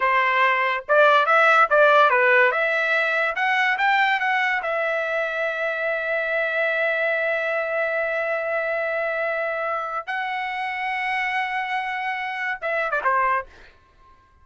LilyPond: \new Staff \with { instrumentName = "trumpet" } { \time 4/4 \tempo 4 = 143 c''2 d''4 e''4 | d''4 b'4 e''2 | fis''4 g''4 fis''4 e''4~ | e''1~ |
e''1~ | e''1 | fis''1~ | fis''2 e''8. d''16 c''4 | }